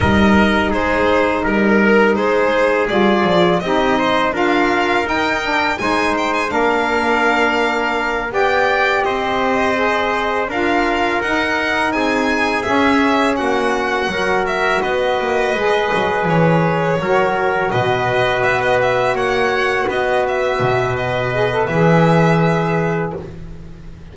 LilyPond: <<
  \new Staff \with { instrumentName = "violin" } { \time 4/4 \tempo 4 = 83 dis''4 c''4 ais'4 c''4 | d''4 dis''4 f''4 g''4 | gis''8 g''16 gis''16 f''2~ f''8 g''8~ | g''8 dis''2 f''4 fis''8~ |
fis''8 gis''4 e''4 fis''4. | e''8 dis''2 cis''4.~ | cis''8 dis''4 e''16 dis''16 e''8 fis''4 dis''8 | e''4 dis''4 e''2 | }
  \new Staff \with { instrumentName = "trumpet" } { \time 4/4 ais'4 gis'4 ais'4 gis'4~ | gis'4 g'8 c''8 ais'2 | c''4 ais'2~ ais'8 d''8~ | d''8 c''2 ais'4.~ |
ais'8 gis'2 fis'4 ais'8~ | ais'8 b'2. ais'8~ | ais'8 b'2 cis''4 b'8~ | b'1 | }
  \new Staff \with { instrumentName = "saxophone" } { \time 4/4 dis'1 | f'4 dis'4 f'4 dis'8 d'8 | dis'4 d'2~ d'8 g'8~ | g'4. gis'4 f'4 dis'8~ |
dis'4. cis'2 fis'8~ | fis'4. gis'2 fis'8~ | fis'1~ | fis'4. gis'16 a'16 gis'2 | }
  \new Staff \with { instrumentName = "double bass" } { \time 4/4 g4 gis4 g4 gis4 | g8 f8 c'4 d'4 dis'4 | gis4 ais2~ ais8 b8~ | b8 c'2 d'4 dis'8~ |
dis'8 c'4 cis'4 ais4 fis8~ | fis8 b8 ais8 gis8 fis8 e4 fis8~ | fis8 b,4 b4 ais4 b8~ | b8 b,4. e2 | }
>>